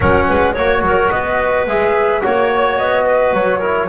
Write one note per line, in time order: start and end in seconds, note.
0.00 0.28 F#3
0.00 0.56 C#4
0.00 0.25 A#4
0.00 0.54 F#5
0.28 0.56 G#3
0.28 0.54 B4
0.54 0.81 A#3
0.54 1.67 F#4
0.54 0.81 C#5
0.54 1.10 C#5
0.81 1.09 F#3
0.81 1.12 A#4
1.10 1.66 B3
1.10 2.23 B4
1.10 1.65 D#5
1.66 2.22 G#3
1.66 2.21 G#4
1.66 2.23 E5
2.21 2.79 A#3
2.21 3.60 F#4
2.21 3.05 C#5
2.21 2.77 C#5
2.77 3.32 B3
2.77 3.33 D#5
3.05 3.58 B4
3.32 3.88 F#3
3.32 3.88 C#5
3.58 3.88 E4
3.58 3.86 A#4